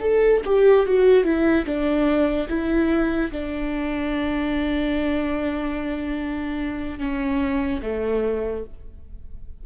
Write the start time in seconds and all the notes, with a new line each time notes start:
0.00 A4
0.45 G4
0.86 F#4
1.24 E4
1.66 D4
2.49 E4
3.31 D4
6.99 C#4
7.82 A3